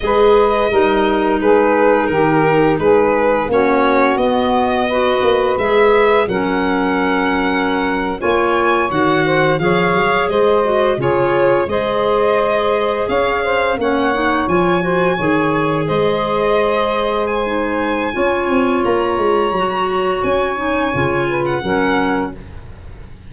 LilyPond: <<
  \new Staff \with { instrumentName = "violin" } { \time 4/4 \tempo 4 = 86 dis''2 b'4 ais'4 | b'4 cis''4 dis''2 | e''4 fis''2~ fis''8. gis''16~ | gis''8. fis''4 f''4 dis''4 cis''16~ |
cis''8. dis''2 f''4 fis''16~ | fis''8. gis''2 dis''4~ dis''16~ | dis''8. gis''2~ gis''16 ais''4~ | ais''4 gis''4.~ gis''16 fis''4~ fis''16 | }
  \new Staff \with { instrumentName = "saxophone" } { \time 4/4 b'4 ais'4 gis'4 g'4 | gis'4 fis'2 b'4~ | b'4 ais'2~ ais'8. cis''16~ | cis''4~ cis''16 c''8 cis''4 c''4 gis'16~ |
gis'8. c''2 cis''8 c''8 cis''16~ | cis''4~ cis''16 c''8 cis''4 c''4~ c''16~ | c''2 cis''2~ | cis''2~ cis''8 b'8 ais'4 | }
  \new Staff \with { instrumentName = "clarinet" } { \time 4/4 gis'4 dis'2.~ | dis'4 cis'4 b4 fis'4 | gis'4 cis'2~ cis'8. f'16~ | f'8. fis'4 gis'4. fis'8 f'16~ |
f'8. gis'2. cis'16~ | cis'16 dis'8 f'8 fis'8 gis'2~ gis'16~ | gis'4 dis'4 f'2 | fis'4. dis'8 f'4 cis'4 | }
  \new Staff \with { instrumentName = "tuba" } { \time 4/4 gis4 g4 gis4 dis4 | gis4 ais4 b4. ais8 | gis4 fis2~ fis8. ais16~ | ais8. dis4 f8 fis8 gis4 cis16~ |
cis8. gis2 cis'4 ais16~ | ais8. f4 dis4 gis4~ gis16~ | gis2 cis'8 c'8 ais8 gis8 | fis4 cis'4 cis4 fis4 | }
>>